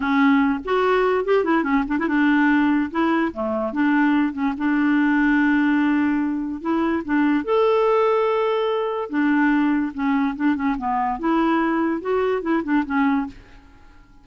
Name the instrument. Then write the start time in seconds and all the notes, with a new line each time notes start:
clarinet
0.00 C#4
0.64 F#4
1.24 G4
1.44 E4
1.63 C#4
1.87 D4
1.98 E4
2.07 D4
2.90 E4
3.33 A3
3.72 D4
4.32 C#4
4.57 D4
6.61 E4
7.04 D4
7.44 A4
9.09 D4
9.93 C#4
10.36 D4
10.55 C#4
10.78 B3
11.19 E4
12.01 F#4
12.42 E4
12.63 D4
12.85 C#4